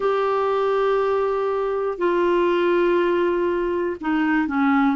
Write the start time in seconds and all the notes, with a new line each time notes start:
0.00 G4
1.98 F4
4.00 D#4
4.47 C#4